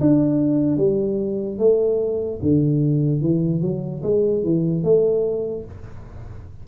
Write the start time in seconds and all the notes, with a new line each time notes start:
0.00 D4
0.77 G3
1.58 A3
2.41 D3
3.21 E3
3.61 F#3
4.02 G#3
4.43 E3
4.83 A3